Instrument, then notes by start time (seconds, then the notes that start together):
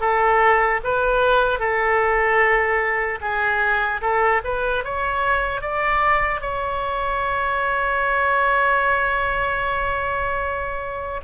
oboe
0.00 A4
0.84 B4
1.59 A4
3.21 G#4
4.01 A4
4.44 B4
4.84 C#5
5.61 D5
6.41 C#5